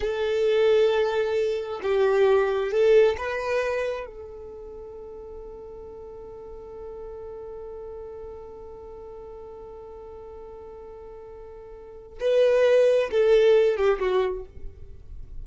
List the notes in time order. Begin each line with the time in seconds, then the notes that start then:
0.00 A4
1.82 G4
2.71 A4
3.17 B4
4.06 A4
12.19 B4
13.11 A4
13.76 G4
13.99 F#4